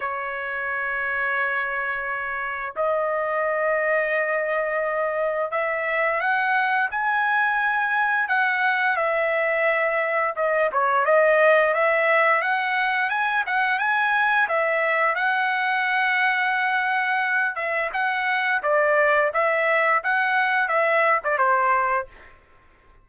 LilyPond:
\new Staff \with { instrumentName = "trumpet" } { \time 4/4 \tempo 4 = 87 cis''1 | dis''1 | e''4 fis''4 gis''2 | fis''4 e''2 dis''8 cis''8 |
dis''4 e''4 fis''4 gis''8 fis''8 | gis''4 e''4 fis''2~ | fis''4. e''8 fis''4 d''4 | e''4 fis''4 e''8. d''16 c''4 | }